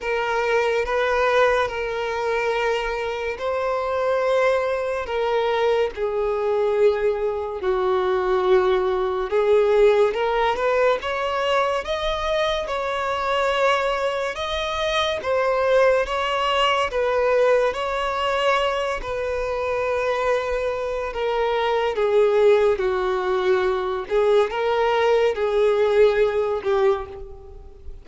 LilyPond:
\new Staff \with { instrumentName = "violin" } { \time 4/4 \tempo 4 = 71 ais'4 b'4 ais'2 | c''2 ais'4 gis'4~ | gis'4 fis'2 gis'4 | ais'8 b'8 cis''4 dis''4 cis''4~ |
cis''4 dis''4 c''4 cis''4 | b'4 cis''4. b'4.~ | b'4 ais'4 gis'4 fis'4~ | fis'8 gis'8 ais'4 gis'4. g'8 | }